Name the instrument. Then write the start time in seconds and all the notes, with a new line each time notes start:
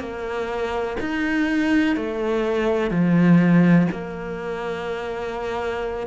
cello
0.00 A#3
1.00 D#4
1.97 A3
2.91 F3
3.91 A#3